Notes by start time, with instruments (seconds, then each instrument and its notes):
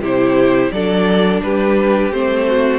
0.00 cello C3, viola E4, violin G4 C5
0.72 cello F#3, viola D4, violin A4 D5
1.42 cello G3, violin G4 B4
2.12 cello A3, viola C4, violin C5
2.48 violin F#4